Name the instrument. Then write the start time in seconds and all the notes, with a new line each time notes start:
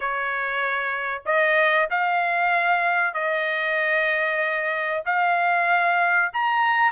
trumpet
0.00 C#5
1.25 D#5
1.90 F5
3.13 D#5
5.05 F5
6.33 A#5